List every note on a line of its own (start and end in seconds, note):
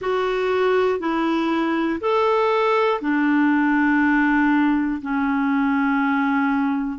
0.00 1.00 F#4
1.00 2.00 E4
2.00 3.00 A4
3.00 5.00 D4
5.01 6.99 C#4